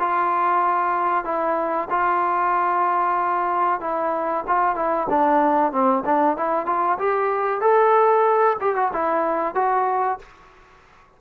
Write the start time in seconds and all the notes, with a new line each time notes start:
0.00 F4
1.25 E4
1.90 F4
3.81 E4
4.47 F4
4.76 E4
5.10 D4
5.72 C4
6.06 D4
6.37 E4
6.66 F4
6.99 G4
7.61 A4
8.61 G4
8.76 F#4
8.93 E4
9.55 F#4